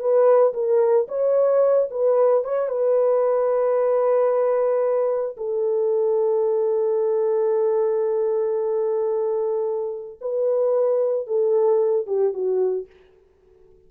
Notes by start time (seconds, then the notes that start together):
0.00 B4
0.54 A#4
1.09 C#5
1.91 B4
2.45 C#5
2.69 B4
5.37 A4
10.22 B4
11.27 A4
12.07 G4
12.34 F#4